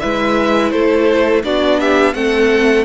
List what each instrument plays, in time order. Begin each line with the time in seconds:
0.00 cello G#3, viola E4, violin B4 E5
0.71 cello A3, violin A4 C5
1.44 cello B3, viola D4, violin F#4 D5
1.81 violin G4 E5
2.14 cello A3, viola C4, violin A4 F#5